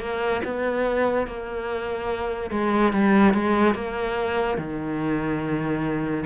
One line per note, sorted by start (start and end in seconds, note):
0.00 0.42 A#3
0.44 1.27 B3
1.27 2.51 A#3
2.51 2.92 G#3
2.92 3.34 G3
3.34 3.75 G#3
3.75 4.58 A#3
4.58 6.25 D#3